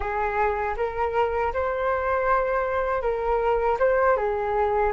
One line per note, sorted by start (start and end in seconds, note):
0.00 0.75 G#4
0.76 1.52 A#4
1.53 3.01 C5
3.01 3.77 A#4
3.79 4.16 C5
4.16 4.92 G#4